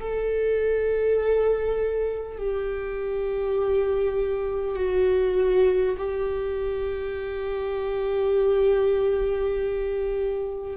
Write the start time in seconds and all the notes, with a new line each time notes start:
0.00 A4
2.38 G4
4.76 F#4
5.97 G4